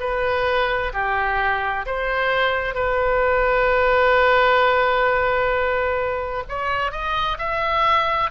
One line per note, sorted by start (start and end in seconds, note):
0.00 0.92 B4
0.93 1.85 G4
1.86 2.74 C5
2.74 6.44 B4
6.49 6.91 C#5
6.91 7.38 D#5
7.38 8.30 E5